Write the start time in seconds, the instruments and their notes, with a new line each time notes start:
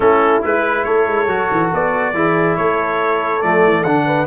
0.00 tuba A3, trombone C#4, horn E4, trumpet A4
0.42 tuba G#3, trombone E4, trumpet B4
0.84 tuba A3, horn A4, trumpet C#5
1.07 tuba G#3
1.26 tuba F#3, trombone F#4
1.51 tuba E3
1.72 tuba B3, trumpet D5
2.13 tuba E3, trombone E4, horn G#4
2.56 tuba A3, horn A4, trumpet C#5
3.41 tuba F3, trombone A3, trumpet D5
3.64 tuba E3
3.83 tuba D3, trombone D4, trumpet F#5
4.06 horn B4